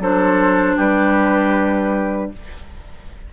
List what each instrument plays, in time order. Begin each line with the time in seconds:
0.00 bassoon F#3, clarinet D4, oboe A4, flute C5
0.77 bassoon G3, oboe G4, flute B4